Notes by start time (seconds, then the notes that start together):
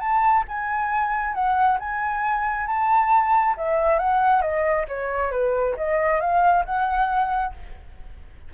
0.00 A5
0.48 G#5
1.34 F#5
1.79 G#5
2.67 A5
3.57 E5
3.99 F#5
4.42 D#5
4.88 C#5
5.31 B4
5.77 D#5
6.21 F5
6.65 F#5